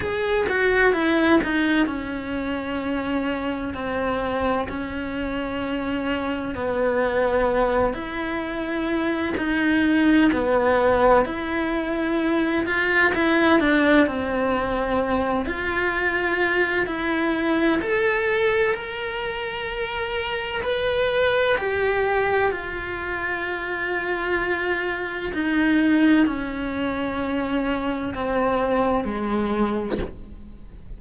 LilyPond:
\new Staff \with { instrumentName = "cello" } { \time 4/4 \tempo 4 = 64 gis'8 fis'8 e'8 dis'8 cis'2 | c'4 cis'2 b4~ | b8 e'4. dis'4 b4 | e'4. f'8 e'8 d'8 c'4~ |
c'8 f'4. e'4 a'4 | ais'2 b'4 g'4 | f'2. dis'4 | cis'2 c'4 gis4 | }